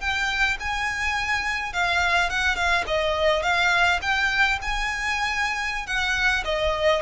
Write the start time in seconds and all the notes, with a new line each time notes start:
0.00 G5
0.59 G#5
1.73 F5
2.29 F#5
2.56 F5
2.87 D#5
3.42 F5
4.02 G5
4.62 G#5
5.86 F#5
6.44 D#5